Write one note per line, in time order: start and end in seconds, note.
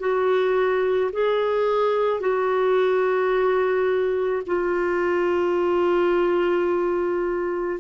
0.00 1.11 F#4
1.13 2.20 G#4
2.20 4.42 F#4
4.46 7.80 F4